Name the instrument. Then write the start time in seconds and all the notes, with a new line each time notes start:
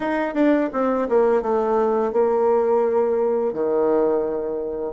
bassoon
0.00 D#4
0.34 D4
0.73 C4
1.08 A#3
1.41 A3
2.12 A#3
3.53 D#3